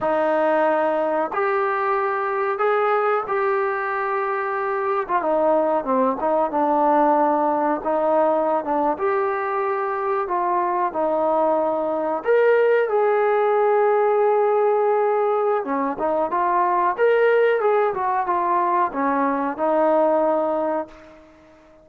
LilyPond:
\new Staff \with { instrumentName = "trombone" } { \time 4/4 \tempo 4 = 92 dis'2 g'2 | gis'4 g'2~ g'8. f'16 | dis'4 c'8 dis'8 d'2 | dis'4~ dis'16 d'8 g'2 f'16~ |
f'8. dis'2 ais'4 gis'16~ | gis'1 | cis'8 dis'8 f'4 ais'4 gis'8 fis'8 | f'4 cis'4 dis'2 | }